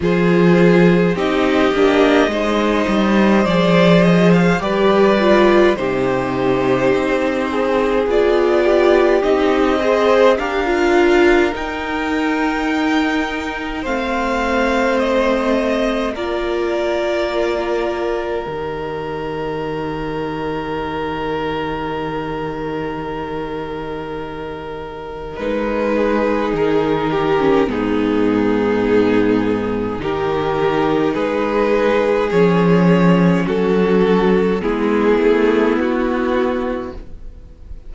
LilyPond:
<<
  \new Staff \with { instrumentName = "violin" } { \time 4/4 \tempo 4 = 52 c''4 dis''2 d''8 dis''16 f''16 | d''4 c''2 d''4 | dis''4 f''4 g''2 | f''4 dis''4 d''2 |
dis''1~ | dis''2 b'4 ais'4 | gis'2 ais'4 b'4 | cis''4 a'4 gis'4 fis'4 | }
  \new Staff \with { instrumentName = "violin" } { \time 4/4 gis'4 g'4 c''2 | b'4 g'4. gis'4 g'8~ | g'8 c''8 ais'2. | c''2 ais'2~ |
ais'1~ | ais'2~ ais'8 gis'4 g'8 | dis'2 g'4 gis'4~ | gis'4 fis'4 e'2 | }
  \new Staff \with { instrumentName = "viola" } { \time 4/4 f'4 dis'8 d'8 dis'4 gis'4 | g'8 f'8 dis'2 f'4 | dis'8 gis'8 g'16 f'8. dis'2 | c'2 f'2 |
g'1~ | g'2 dis'4.~ dis'16 cis'16 | b2 dis'2 | cis'2 b2 | }
  \new Staff \with { instrumentName = "cello" } { \time 4/4 f4 c'8 ais8 gis8 g8 f4 | g4 c4 c'4 b4 | c'4 d'4 dis'2 | a2 ais2 |
dis1~ | dis2 gis4 dis4 | gis,2 dis4 gis4 | f4 fis4 gis8 a8 b4 | }
>>